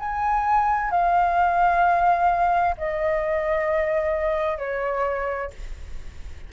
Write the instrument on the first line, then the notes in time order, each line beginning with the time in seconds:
flute
0.00 G#5
0.91 F5
2.78 D#5
4.58 C#5